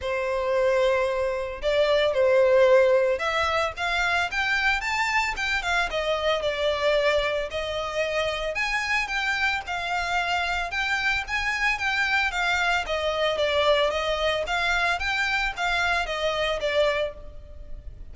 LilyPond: \new Staff \with { instrumentName = "violin" } { \time 4/4 \tempo 4 = 112 c''2. d''4 | c''2 e''4 f''4 | g''4 a''4 g''8 f''8 dis''4 | d''2 dis''2 |
gis''4 g''4 f''2 | g''4 gis''4 g''4 f''4 | dis''4 d''4 dis''4 f''4 | g''4 f''4 dis''4 d''4 | }